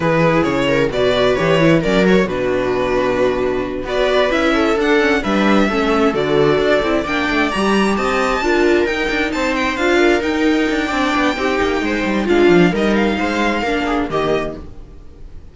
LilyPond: <<
  \new Staff \with { instrumentName = "violin" } { \time 4/4 \tempo 4 = 132 b'4 cis''4 d''4 cis''4 | d''8 cis''8 b'2.~ | b'8 d''4 e''4 fis''4 e''8~ | e''4. d''2 g''8~ |
g''8 ais''4 a''2 g''8~ | g''8 a''8 g''8 f''4 g''4.~ | g''2. f''4 | dis''8 f''2~ f''8 dis''4 | }
  \new Staff \with { instrumentName = "viola" } { \time 4/4 gis'4. ais'8 b'2 | ais'4 fis'2.~ | fis'8 b'4. a'4. b'8~ | b'8 a'2. d''8~ |
d''4. dis''4 ais'4.~ | ais'8 c''4. ais'2 | d''4 g'4 c''4 f'4 | ais'4 c''4 ais'8 gis'8 g'4 | }
  \new Staff \with { instrumentName = "viola" } { \time 4/4 e'2 fis'4 g'8 e'8 | cis'8 fis'8 d'2.~ | d'8 fis'4 e'4 d'8 cis'8 d'8~ | d'8 cis'4 fis'4. e'8 d'8~ |
d'8 g'2 f'4 dis'8~ | dis'4. f'4 dis'4. | d'4 dis'2 d'4 | dis'2 d'4 ais4 | }
  \new Staff \with { instrumentName = "cello" } { \time 4/4 e4 cis4 b,4 e4 | fis4 b,2.~ | b,8 b4 cis'4 d'4 g8~ | g8 a4 d4 d'8 c'8 ais8 |
a8 g4 c'4 d'4 dis'8 | d'8 c'4 d'4 dis'4 d'8 | c'8 b8 c'8 ais8 gis8 g8 gis8 f8 | g4 gis4 ais4 dis4 | }
>>